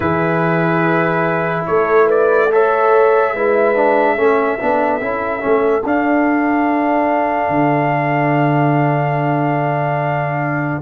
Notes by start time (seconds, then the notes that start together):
0.00 E3 E4 G#4 B4
1.66 A3 A4 C#5
2.05 B4 D5
2.51 A4 C#5 E5
3.34 G#3 E4 B4
3.75 D4
4.14 A3 C#4 A4
4.59 B3 D4
5.01 C#4 E4
5.40 A3 C#4
5.82 D4 F5
7.49 D3